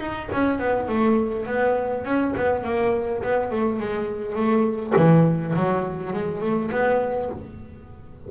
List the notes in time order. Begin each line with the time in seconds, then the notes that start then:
0.00 D#4
0.32 C#4
0.59 B3
0.89 A3
1.46 B3
2.05 C#4
2.37 B3
2.64 A#3
3.23 B3
3.51 A3
3.79 G#3
4.36 A3
4.96 E3
5.56 F#3
6.13 G#3
6.41 A3
6.72 B3